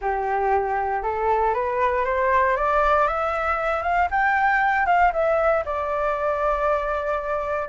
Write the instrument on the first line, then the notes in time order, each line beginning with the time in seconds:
flute
0.01 G4
1.03 A4
1.54 B4
2.05 C5
2.56 D5
3.07 E5
3.82 F5
4.10 G5
4.86 F5
5.13 E5
5.65 D5